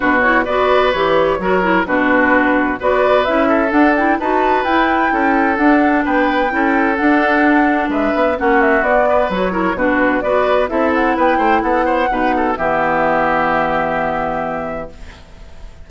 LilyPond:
<<
  \new Staff \with { instrumentName = "flute" } { \time 4/4 \tempo 4 = 129 b'8 cis''8 d''4 cis''2 | b'2 d''4 e''4 | fis''8 g''8 a''4 g''2 | fis''4 g''2 fis''4~ |
fis''4 e''4 fis''8 e''8 d''4 | cis''4 b'4 d''4 e''8 fis''8 | g''4 fis''2 e''4~ | e''1 | }
  \new Staff \with { instrumentName = "oboe" } { \time 4/4 fis'4 b'2 ais'4 | fis'2 b'4. a'8~ | a'4 b'2 a'4~ | a'4 b'4 a'2~ |
a'4 b'4 fis'4. b'8~ | b'8 ais'8 fis'4 b'4 a'4 | b'8 c''8 a'8 c''8 b'8 a'8 g'4~ | g'1 | }
  \new Staff \with { instrumentName = "clarinet" } { \time 4/4 d'8 e'8 fis'4 g'4 fis'8 e'8 | d'2 fis'4 e'4 | d'8 e'8 fis'4 e'2 | d'2 e'4 d'4~ |
d'2 cis'4 b4 | fis'8 e'8 d'4 fis'4 e'4~ | e'2 dis'4 b4~ | b1 | }
  \new Staff \with { instrumentName = "bassoon" } { \time 4/4 b,4 b4 e4 fis4 | b,2 b4 cis'4 | d'4 dis'4 e'4 cis'4 | d'4 b4 cis'4 d'4~ |
d'4 gis8 b8 ais4 b4 | fis4 b,4 b4 c'4 | b8 a8 b4 b,4 e4~ | e1 | }
>>